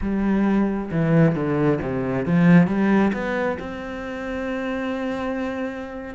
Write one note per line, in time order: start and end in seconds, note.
0.01 0.90 G3
0.91 1.35 E3
1.35 1.79 D3
1.81 2.25 C3
2.25 2.67 F3
2.67 3.12 G3
3.13 3.58 B3
3.59 6.14 C4